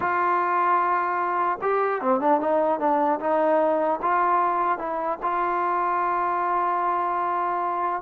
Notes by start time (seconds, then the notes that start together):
0.00 F4
1.61 G4
2.01 C4
2.20 D4
2.40 D#4
2.79 D4
3.20 D#4
4.01 F4
4.78 E4
5.22 F4